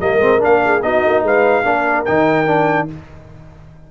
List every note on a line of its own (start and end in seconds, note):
0.00 0.17 G3
0.00 0.20 A#3
0.00 0.63 A#4
0.00 0.42 D#5
0.17 0.37 G#3
0.17 0.39 C4
0.39 0.82 A#3
0.39 0.80 D4
0.39 0.82 F5
0.64 0.84 G#4
0.82 1.03 B3
0.82 1.64 D#4
0.82 1.24 F#4
0.82 1.24 D#5
1.06 1.23 A#3
1.23 1.64 G#3
1.23 1.66 B4
1.23 2.05 F5
1.64 2.07 A#3
1.64 2.05 D4
1.64 2.90 A#4
2.05 2.91 D#3
2.05 2.46 D#4
2.05 2.88 G5
2.46 2.88 D4